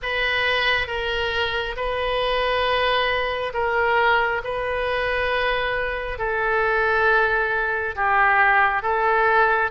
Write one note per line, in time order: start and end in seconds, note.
0.02 0.87 B4
0.87 1.75 A#4
1.76 3.53 B4
3.53 4.41 A#4
4.44 6.18 B4
6.18 7.95 A4
7.95 8.82 G4
8.82 9.70 A4